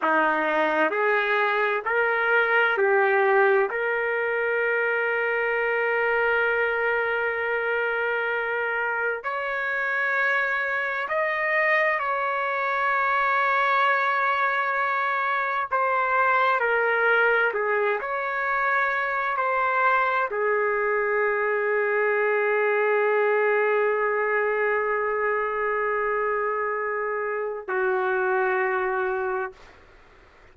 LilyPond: \new Staff \with { instrumentName = "trumpet" } { \time 4/4 \tempo 4 = 65 dis'4 gis'4 ais'4 g'4 | ais'1~ | ais'2 cis''2 | dis''4 cis''2.~ |
cis''4 c''4 ais'4 gis'8 cis''8~ | cis''4 c''4 gis'2~ | gis'1~ | gis'2 fis'2 | }